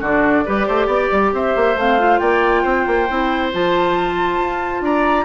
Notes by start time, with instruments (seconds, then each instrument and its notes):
0.00 bassoon D3, clarinet D4, oboe F#4, flute D5
0.45 bassoon G3, clarinet G4, oboe B4
0.67 bassoon A3, oboe C5
0.86 bassoon B3, oboe D5
1.11 bassoon G3
1.33 bassoon C4, oboe C5, flute E5
1.56 bassoon A#3
1.76 bassoon A3, clarinet C4, flute F5
1.99 clarinet F4
2.18 bassoon A#3, oboe D5, flute G5
2.62 bassoon C4, oboe C5
2.86 bassoon A#3
3.08 bassoon C4, clarinet E4
3.52 bassoon F3, clarinet F4, flute A5
4.38 bassoon F4
4.81 bassoon D4, oboe D5, flute A#5